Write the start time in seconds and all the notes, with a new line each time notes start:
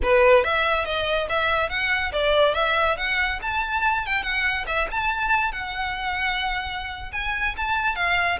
0.03 B4
0.44 E5
0.85 D#5
1.29 E5
1.69 F#5
2.12 D5
2.54 E5
2.97 F#5
3.42 A5
4.05 G5
4.22 F#5
4.66 E5
4.91 A5
5.52 F#5
7.12 G#5
7.56 A5
7.95 F5